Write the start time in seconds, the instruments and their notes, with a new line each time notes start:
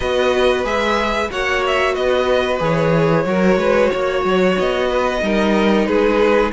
0.00 cello B3, viola F#4, violin B4 D#5
0.64 cello G#3, viola G#4, violin E5
1.30 cello A#3, viola F#4, violin C#5 F#5
1.66 violin E5
1.94 cello B3, violin B4 D#5
2.59 cello E3, viola G#4, violin C#5
3.25 cello F#3, viola F#4, violin A#4
3.56 cello G#3, violin B4
3.90 cello A#3, violin C#5
4.24 cello F#3
4.58 cello B3, violin D#5
4.88 violin B4
5.21 cello G3, viola D#4, violin A#4
5.86 cello G#3, violin G#4 B4